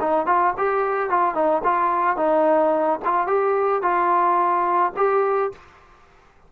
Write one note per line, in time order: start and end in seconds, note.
0.00 0.26 D#4
0.26 0.54 F4
0.57 1.10 G4
1.10 1.34 F4
1.34 1.62 D#4
1.64 2.17 F4
2.17 2.99 D#4
3.05 3.27 F4
3.27 3.82 G4
3.82 4.92 F4
4.96 5.51 G4